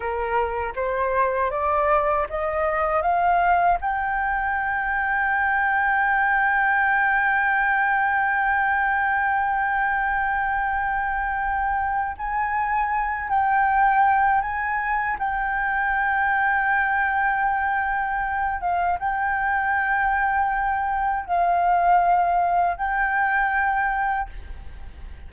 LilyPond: \new Staff \with { instrumentName = "flute" } { \time 4/4 \tempo 4 = 79 ais'4 c''4 d''4 dis''4 | f''4 g''2.~ | g''1~ | g''1 |
gis''4. g''4. gis''4 | g''1~ | g''8 f''8 g''2. | f''2 g''2 | }